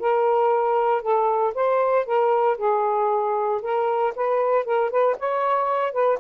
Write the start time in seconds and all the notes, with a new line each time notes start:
0.00 A#4
1.02 A4
1.54 C5
2.06 A#4
2.58 G#4
3.62 A#4
4.16 B4
4.65 A#4
4.90 B4
5.19 C#5
5.93 B4